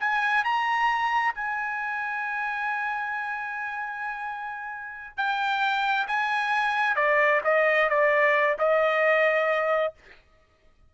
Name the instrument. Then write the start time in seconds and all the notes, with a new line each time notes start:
trumpet
0.00 G#5
0.45 A#5
1.35 G#5
5.17 G5
6.08 G#5
6.96 D5
7.44 D#5
7.90 D5
8.59 D#5